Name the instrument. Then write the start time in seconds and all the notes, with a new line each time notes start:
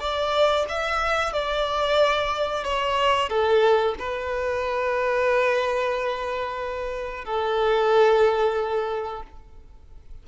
violin
0.00 D5
0.69 E5
1.33 D5
2.64 C#5
3.29 A4
3.99 B4
7.25 A4